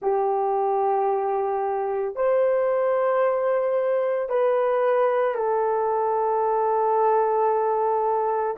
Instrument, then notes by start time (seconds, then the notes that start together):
horn
0.01 G4
2.15 C5
4.29 B4
5.34 A4